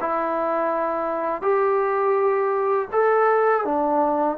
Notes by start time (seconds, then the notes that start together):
0.00 E4
1.42 G4
2.92 A4
3.65 D4